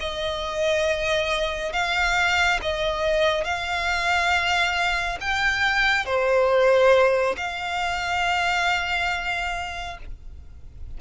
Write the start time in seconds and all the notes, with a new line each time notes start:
0.00 D#5
1.73 F5
2.62 D#5
3.44 F5
5.21 G5
6.05 C5
7.37 F5